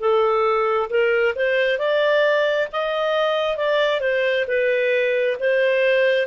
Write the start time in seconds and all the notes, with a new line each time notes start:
0.00 A4
0.90 A#4
1.36 C5
1.79 D5
2.72 D#5
3.57 D5
4.01 C5
4.48 B4
5.40 C5